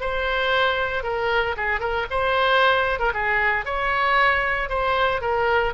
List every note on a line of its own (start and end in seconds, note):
0.00 1.03 C5
1.03 1.55 A#4
1.57 1.80 G#4
1.80 2.06 A#4
2.10 2.99 C5
2.99 3.12 A#4
3.14 3.65 G#4
3.65 4.69 C#5
4.69 5.21 C5
5.21 5.73 A#4